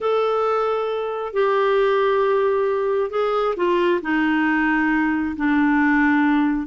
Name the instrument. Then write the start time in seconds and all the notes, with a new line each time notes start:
clarinet
0.01 A4
1.33 G4
3.10 G#4
3.56 F4
4.02 D#4
5.36 D4